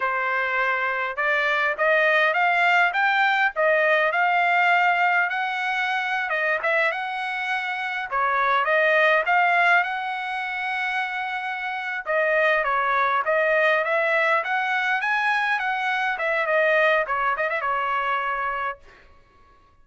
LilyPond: \new Staff \with { instrumentName = "trumpet" } { \time 4/4 \tempo 4 = 102 c''2 d''4 dis''4 | f''4 g''4 dis''4 f''4~ | f''4 fis''4.~ fis''16 dis''8 e''8 fis''16~ | fis''4.~ fis''16 cis''4 dis''4 f''16~ |
f''8. fis''2.~ fis''16~ | fis''8 dis''4 cis''4 dis''4 e''8~ | e''8 fis''4 gis''4 fis''4 e''8 | dis''4 cis''8 dis''16 e''16 cis''2 | }